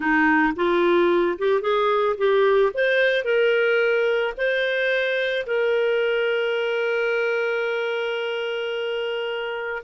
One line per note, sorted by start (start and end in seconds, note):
0.00 0.53 D#4
0.56 1.38 F4
1.38 1.61 G4
1.61 2.15 G#4
2.17 2.72 G4
2.73 3.24 C5
3.24 4.33 A#4
4.37 5.46 C5
5.46 9.82 A#4